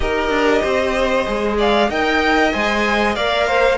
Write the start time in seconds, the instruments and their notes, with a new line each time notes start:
0.00 cello D#4, viola G4, violin A#4 D#5
0.29 cello D4
0.62 cello C4, violin C5
1.25 cello G#3, viola G#4
1.58 violin D5 F5
1.89 cello D#4, viola A#4, violin D#5 G5
2.52 cello G#3, viola C5, violin G#5
3.15 cello A#3, viola A#4, violin D5 F5
3.47 violin C5